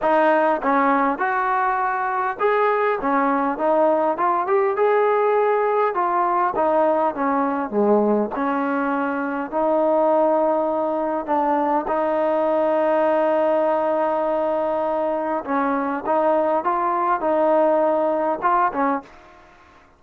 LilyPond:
\new Staff \with { instrumentName = "trombone" } { \time 4/4 \tempo 4 = 101 dis'4 cis'4 fis'2 | gis'4 cis'4 dis'4 f'8 g'8 | gis'2 f'4 dis'4 | cis'4 gis4 cis'2 |
dis'2. d'4 | dis'1~ | dis'2 cis'4 dis'4 | f'4 dis'2 f'8 cis'8 | }